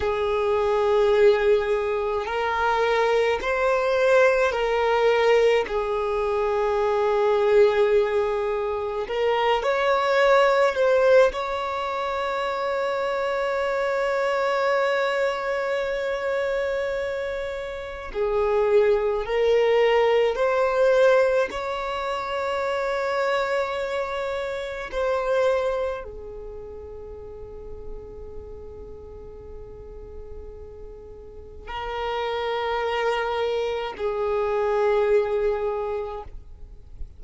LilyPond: \new Staff \with { instrumentName = "violin" } { \time 4/4 \tempo 4 = 53 gis'2 ais'4 c''4 | ais'4 gis'2. | ais'8 cis''4 c''8 cis''2~ | cis''1 |
gis'4 ais'4 c''4 cis''4~ | cis''2 c''4 gis'4~ | gis'1 | ais'2 gis'2 | }